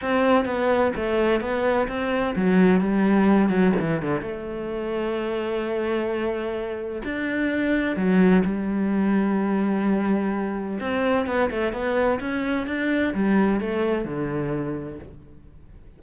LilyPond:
\new Staff \with { instrumentName = "cello" } { \time 4/4 \tempo 4 = 128 c'4 b4 a4 b4 | c'4 fis4 g4. fis8 | e8 d8 a2.~ | a2. d'4~ |
d'4 fis4 g2~ | g2. c'4 | b8 a8 b4 cis'4 d'4 | g4 a4 d2 | }